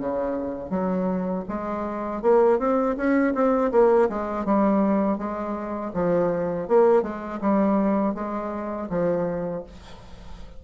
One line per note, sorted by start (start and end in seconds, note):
0.00 0.70 C#3
0.70 1.44 F#3
1.48 2.22 G#3
2.22 2.59 A#3
2.59 2.96 C4
2.97 3.34 C#4
3.34 3.71 C4
3.72 4.09 A#3
4.09 4.45 G#3
4.45 5.18 G3
5.18 5.92 G#3
5.94 6.68 F3
6.68 7.03 A#3
7.03 7.40 G#3
7.41 8.15 G3
8.15 8.89 G#3
8.90 9.64 F3